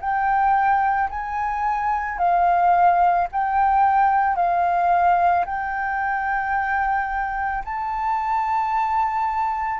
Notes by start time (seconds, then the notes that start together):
0.00 G5
1.09 G#5
2.18 F5
3.31 G5
4.35 F5
5.45 G5
7.64 A5